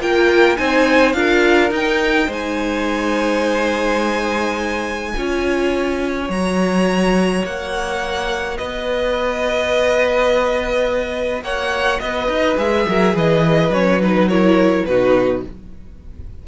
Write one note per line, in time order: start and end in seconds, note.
0.00 0.57 A#3
0.00 0.57 F4
0.00 0.57 A#4
0.00 0.57 G5
0.57 1.14 C4
0.57 1.14 D#4
0.57 1.16 C5
0.57 1.12 G#5
1.12 1.70 D4
1.12 1.71 F4
1.12 2.26 A#4
1.12 1.69 F5
1.70 2.27 D#4
1.70 5.14 D#4
1.70 2.32 G5
2.26 5.13 G#3
2.26 5.11 C5
2.32 6.30 G#5
5.16 6.29 C#4
5.16 6.28 F4
5.16 8.57 C#5
6.28 7.43 F#3
6.28 12.56 F#4
6.28 7.45 A#5
7.44 8.58 A#3
7.44 8.57 F#5
8.57 11.42 B3
8.57 11.43 B4
8.57 11.43 D#5
11.42 11.99 A#3
11.42 12.01 C#5
11.42 12.00 F#5
12.00 12.28 B3
12.00 12.87 B4
12.00 12.57 D#5
12.28 12.56 D#4
12.56 12.86 G#3
12.56 13.71 G#4
12.56 13.15 E5
12.88 13.15 F#3
12.88 13.15 A#4
13.15 13.69 E3
13.15 14.28 B4
13.15 13.73 D#5
13.69 14.83 F#3
13.69 14.01 C#4
13.69 14.01 C#5
14.01 14.30 D#4
14.01 14.28 B4
14.28 14.87 E4
14.28 14.85 A#4
14.28 14.85 C#5
14.85 15.43 B2
14.85 15.47 D#4
14.85 15.46 F#4
14.85 15.42 B4